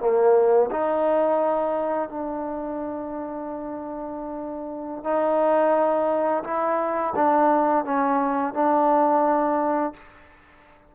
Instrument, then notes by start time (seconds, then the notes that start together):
trombone
0.00 A#3
0.71 D#4
2.09 D4
5.04 D#4
6.44 E4
7.15 D4
7.85 C#4
8.54 D4